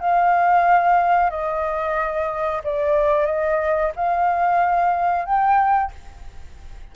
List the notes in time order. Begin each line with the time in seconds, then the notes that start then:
0.00 F5
1.30 D#5
2.64 D5
3.26 D#5
3.96 F5
5.26 G5